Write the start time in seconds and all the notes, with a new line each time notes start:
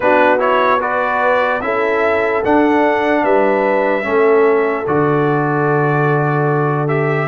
0.00 B3 D4 F#4 B4
0.38 E4 C#5
0.80 F#4 B4 D5
1.61 C#4 E4 A4 E5
2.44 D4 F#5
3.23 G3 B4 E5
4.03 A3 C#4 A4
4.86 D3 F#4 D5
6.87 G4 E5